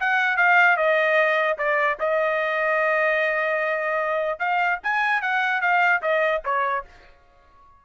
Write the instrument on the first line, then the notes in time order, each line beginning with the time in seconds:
trumpet
0.00 F#5
0.37 F5
0.77 D#5
1.58 D5
2.00 D#5
4.39 F5
4.83 G#5
5.21 F#5
5.61 F5
6.02 D#5
6.45 C#5